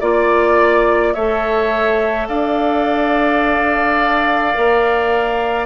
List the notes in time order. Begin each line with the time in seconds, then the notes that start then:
0.00 A#3 F4 D5
1.14 A3 A4 C#5 E5
2.28 D4 D5 F5
4.54 A#3 A#4